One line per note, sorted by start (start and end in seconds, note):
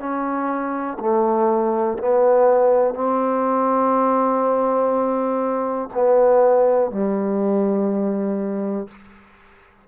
0.00 0.98 C#4
1.00 1.99 A3
1.99 2.95 B3
2.95 5.90 C4
5.95 6.92 B3
6.92 8.88 G3